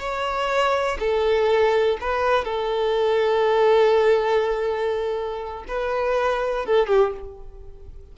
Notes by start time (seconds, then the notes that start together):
0.00 C#5
1.00 A4
2.01 B4
2.45 A4
5.68 B4
6.66 A4
6.88 G4